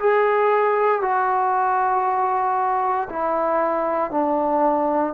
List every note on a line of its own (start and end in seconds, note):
0.00 1.02 G#4
1.02 3.09 F#4
3.10 4.11 E4
4.11 5.14 D4